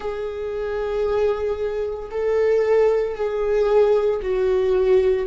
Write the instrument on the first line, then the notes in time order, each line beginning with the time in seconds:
viola
0.00 G#4
2.11 A4
3.15 G#4
4.22 F#4